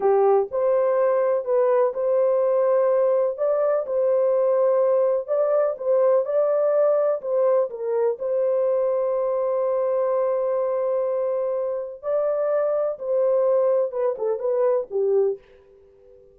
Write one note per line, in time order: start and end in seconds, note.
0.00 0.48 G4
0.51 1.44 C5
1.44 1.92 B4
1.93 3.37 C5
3.37 3.85 D5
3.86 5.27 C5
5.27 5.75 D5
5.77 6.25 C5
6.25 7.21 D5
7.21 7.69 C5
7.69 8.17 A#4
8.18 12.02 C5
12.02 12.98 D5
12.99 13.91 C5
13.91 14.15 B4
14.18 14.39 A4
14.39 14.87 B4
14.90 15.38 G4